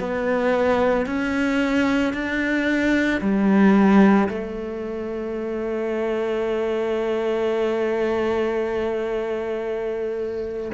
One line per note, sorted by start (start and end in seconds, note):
0.00 1.06 B3
1.06 2.13 C#4
2.14 3.21 D4
3.21 4.29 G3
4.29 10.72 A3